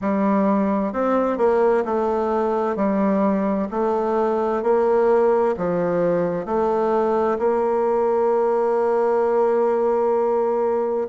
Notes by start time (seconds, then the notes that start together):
0.01 G3
0.92 C4
1.37 A#3
1.85 A3
2.76 G3
3.70 A3
4.62 A#3
5.57 F3
6.45 A3
7.38 A#3